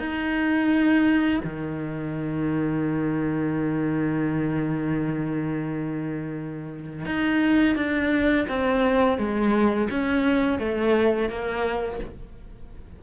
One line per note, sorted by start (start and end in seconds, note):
0.00 1.41 D#4
1.44 7.06 D#3
7.06 7.76 D#4
7.76 8.47 D4
8.49 9.18 C4
9.18 9.89 G#3
9.91 10.59 C#4
10.59 11.29 A3
11.29 12.00 A#3